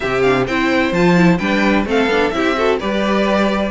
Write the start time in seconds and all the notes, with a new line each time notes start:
0.00 C3 C4 G4 E5
0.22 D4 F5
0.47 C4 E4 C5 G5
0.91 F3 F4 A5
1.16 E4
1.37 G3 D4 B4 G5
1.85 A3 C4 A4 F5
2.06 B3 D4
2.30 C4 E4 G4 E5
2.56 F#4 A4
2.79 G3 G4 B4 D5